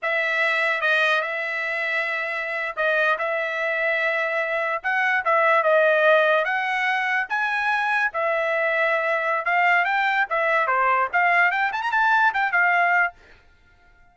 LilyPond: \new Staff \with { instrumentName = "trumpet" } { \time 4/4 \tempo 4 = 146 e''2 dis''4 e''4~ | e''2~ e''8. dis''4 e''16~ | e''2.~ e''8. fis''16~ | fis''8. e''4 dis''2 fis''16~ |
fis''4.~ fis''16 gis''2 e''16~ | e''2. f''4 | g''4 e''4 c''4 f''4 | g''8 a''16 ais''16 a''4 g''8 f''4. | }